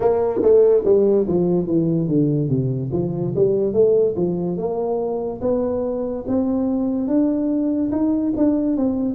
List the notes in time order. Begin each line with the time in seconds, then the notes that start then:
0.00 A#3
0.42 A3
0.84 G3
1.27 F3
1.66 E3
2.08 D3
2.48 C3
2.92 F3
3.35 G3
3.73 A3
4.16 F3
4.57 A#3
5.41 B3
6.27 C4
7.07 D4
7.91 D#4
8.36 D4
8.77 C4